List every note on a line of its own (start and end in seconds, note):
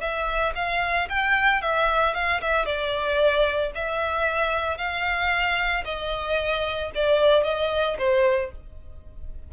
0.00 0.53 E5
0.55 1.08 F5
1.09 1.61 G5
1.61 2.14 E5
2.14 2.41 F5
2.41 2.65 E5
2.65 3.71 D5
3.75 4.77 E5
4.77 5.84 F5
5.84 6.91 D#5
6.94 7.43 D5
7.43 7.96 D#5
7.98 8.51 C5